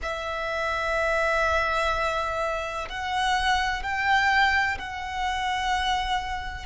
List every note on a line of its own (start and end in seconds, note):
0.02 2.88 E5
2.89 3.83 F#5
3.83 4.78 G5
4.78 6.65 F#5